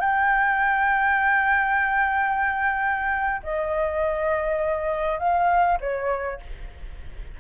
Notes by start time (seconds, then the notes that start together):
0.00 G5
3.43 D#5
5.19 F5
5.81 C#5